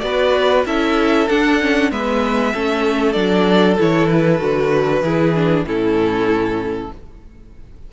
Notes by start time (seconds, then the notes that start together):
0.00 B3 F#4 B4 D5
0.65 C#4 E4 A4 E5
1.29 D4 F#5
1.60 C#4
1.90 G#3 B3 B4 E5
2.53 A3 C#4 A4
3.12 F#3 D4 D5
3.79 E3 E4 C#5
4.07 B4
4.39 D3 F#4
5.01 E3 E4 G#4
5.35 D4
5.64 A2 C#4 E4 A4